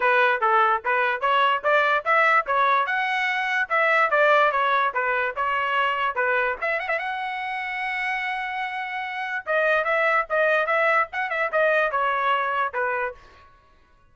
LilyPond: \new Staff \with { instrumentName = "trumpet" } { \time 4/4 \tempo 4 = 146 b'4 a'4 b'4 cis''4 | d''4 e''4 cis''4 fis''4~ | fis''4 e''4 d''4 cis''4 | b'4 cis''2 b'4 |
e''8 fis''16 e''16 fis''2.~ | fis''2. dis''4 | e''4 dis''4 e''4 fis''8 e''8 | dis''4 cis''2 b'4 | }